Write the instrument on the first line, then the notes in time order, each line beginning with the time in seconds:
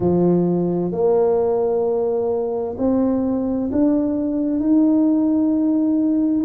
tuba
0.00 F3
0.91 A#3
2.77 C4
3.72 D4
4.59 D#4